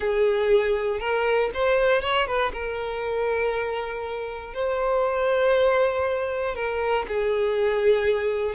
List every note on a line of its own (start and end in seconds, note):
0.00 0.99 G#4
0.99 1.50 A#4
1.54 2.01 C5
2.01 2.26 C#5
2.26 2.52 B4
2.52 4.54 A#4
4.54 6.55 C5
6.55 7.05 A#4
7.08 8.55 G#4